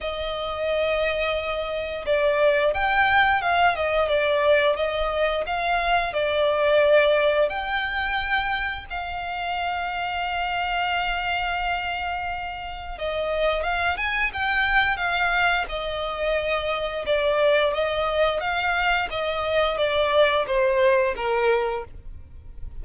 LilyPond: \new Staff \with { instrumentName = "violin" } { \time 4/4 \tempo 4 = 88 dis''2. d''4 | g''4 f''8 dis''8 d''4 dis''4 | f''4 d''2 g''4~ | g''4 f''2.~ |
f''2. dis''4 | f''8 gis''8 g''4 f''4 dis''4~ | dis''4 d''4 dis''4 f''4 | dis''4 d''4 c''4 ais'4 | }